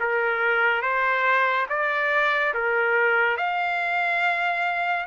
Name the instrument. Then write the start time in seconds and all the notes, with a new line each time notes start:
trumpet
0.00 A#4
0.82 C5
1.69 D5
2.54 A#4
3.37 F5